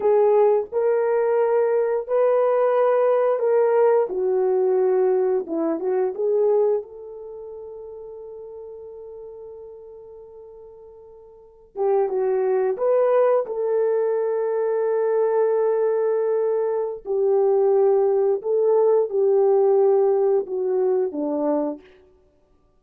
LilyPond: \new Staff \with { instrumentName = "horn" } { \time 4/4 \tempo 4 = 88 gis'4 ais'2 b'4~ | b'4 ais'4 fis'2 | e'8 fis'8 gis'4 a'2~ | a'1~ |
a'4~ a'16 g'8 fis'4 b'4 a'16~ | a'1~ | a'4 g'2 a'4 | g'2 fis'4 d'4 | }